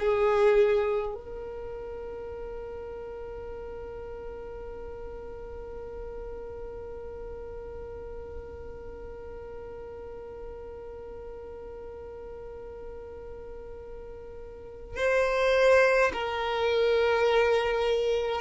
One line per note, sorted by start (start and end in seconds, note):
0.00 1.14 G#4
1.14 14.97 A#4
14.97 16.12 C5
16.13 18.41 A#4